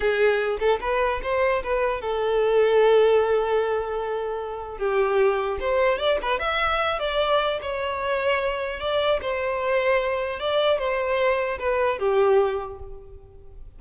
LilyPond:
\new Staff \with { instrumentName = "violin" } { \time 4/4 \tempo 4 = 150 gis'4. a'8 b'4 c''4 | b'4 a'2.~ | a'1 | g'2 c''4 d''8 b'8 |
e''4. d''4. cis''4~ | cis''2 d''4 c''4~ | c''2 d''4 c''4~ | c''4 b'4 g'2 | }